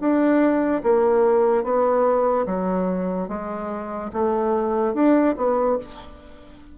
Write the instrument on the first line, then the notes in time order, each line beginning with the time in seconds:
bassoon
0.00 D4
0.84 A#3
1.64 B3
2.46 F#3
3.29 G#3
4.13 A3
4.95 D4
5.37 B3